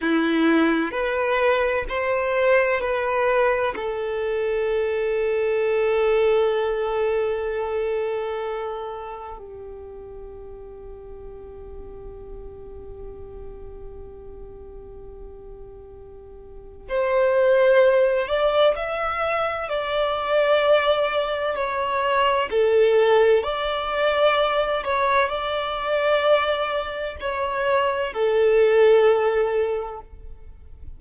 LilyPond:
\new Staff \with { instrumentName = "violin" } { \time 4/4 \tempo 4 = 64 e'4 b'4 c''4 b'4 | a'1~ | a'2 g'2~ | g'1~ |
g'2 c''4. d''8 | e''4 d''2 cis''4 | a'4 d''4. cis''8 d''4~ | d''4 cis''4 a'2 | }